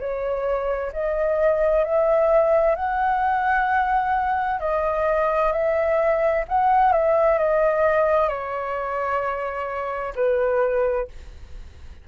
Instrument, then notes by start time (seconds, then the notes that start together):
flute
0.00 C#5
0.93 D#5
1.85 E5
2.76 F#5
4.60 D#5
5.53 E5
6.49 F#5
6.93 E5
7.38 D#5
8.29 C#5
10.16 B4